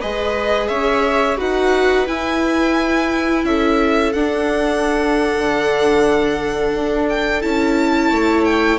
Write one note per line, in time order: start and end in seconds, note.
0.00 0.70 G#3
0.00 1.37 G#4
0.00 0.69 B4
0.00 0.68 D#5
0.68 1.39 C#4
0.68 1.38 C#5
0.68 1.37 E5
1.37 2.08 D#4
1.37 2.06 F#4
1.37 3.45 B4
1.37 2.07 F#5
2.07 4.14 E4
2.07 3.44 E4
2.07 3.45 G#5
3.44 4.13 C#4
3.44 8.10 A4
3.44 4.13 E5
4.13 5.36 D4
4.13 7.42 D4
4.13 7.06 F#5
5.37 6.75 D3
6.75 7.44 D4
7.09 7.42 G5
7.42 8.11 C#4
7.42 8.79 E4
7.42 8.45 A5
8.10 8.79 A3
8.10 8.79 C#5
8.45 8.79 G5